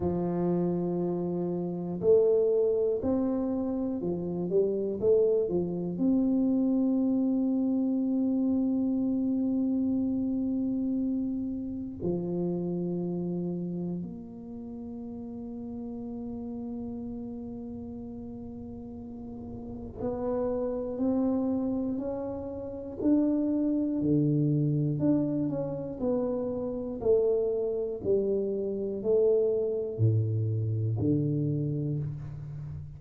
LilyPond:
\new Staff \with { instrumentName = "tuba" } { \time 4/4 \tempo 4 = 60 f2 a4 c'4 | f8 g8 a8 f8 c'2~ | c'1 | f2 ais2~ |
ais1 | b4 c'4 cis'4 d'4 | d4 d'8 cis'8 b4 a4 | g4 a4 a,4 d4 | }